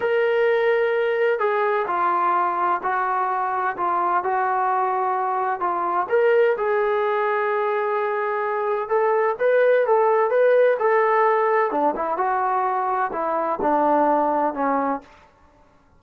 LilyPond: \new Staff \with { instrumentName = "trombone" } { \time 4/4 \tempo 4 = 128 ais'2. gis'4 | f'2 fis'2 | f'4 fis'2. | f'4 ais'4 gis'2~ |
gis'2. a'4 | b'4 a'4 b'4 a'4~ | a'4 d'8 e'8 fis'2 | e'4 d'2 cis'4 | }